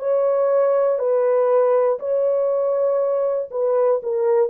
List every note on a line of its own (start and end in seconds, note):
0.00 1.00 C#5
1.00 2.00 B4
2.00 3.50 C#5
3.51 4.01 B4
4.04 4.50 A#4